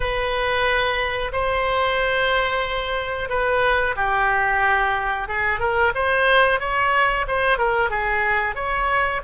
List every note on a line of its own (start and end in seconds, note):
0.00 1.31 B4
1.32 3.29 C5
3.29 3.95 B4
3.96 5.27 G4
5.27 5.59 G#4
5.59 5.92 A#4
5.94 6.59 C5
6.59 7.25 C#5
7.27 7.58 C5
7.58 7.89 A#4
7.89 8.55 G#4
8.55 9.21 C#5